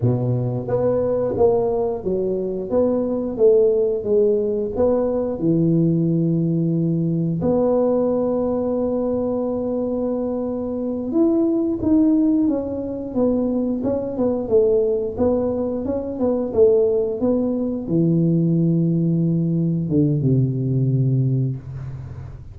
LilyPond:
\new Staff \with { instrumentName = "tuba" } { \time 4/4 \tempo 4 = 89 b,4 b4 ais4 fis4 | b4 a4 gis4 b4 | e2. b4~ | b1~ |
b8 e'4 dis'4 cis'4 b8~ | b8 cis'8 b8 a4 b4 cis'8 | b8 a4 b4 e4.~ | e4. d8 c2 | }